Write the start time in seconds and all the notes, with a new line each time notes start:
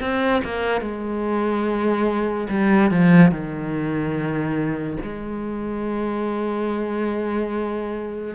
0.00 C4
0.44 A#3
0.81 G#3
2.49 G3
2.91 F3
3.31 D#3
5.03 G#3